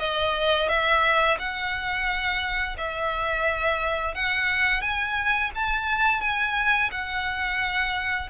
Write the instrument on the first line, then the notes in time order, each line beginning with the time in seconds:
violin
0.00 D#5
0.69 E5
1.39 F#5
2.78 E5
4.15 F#5
4.82 G#5
5.55 A5
6.22 G#5
6.92 F#5